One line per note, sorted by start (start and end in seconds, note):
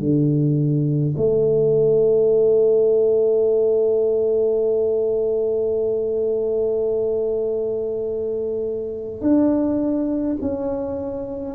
0.00 1.15 D3
1.17 9.22 A3
9.22 10.37 D4
10.42 11.55 C#4